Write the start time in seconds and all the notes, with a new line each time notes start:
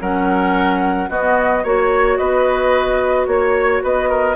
0.00 F#3 C#4 A#4 F#5
1.09 B3 F#4 D#5
1.63 A#3 F#4 C#5
2.17 B3 B4 D#5
3.27 A#3 C#5
3.83 B3 B4 D#5
4.09 A#4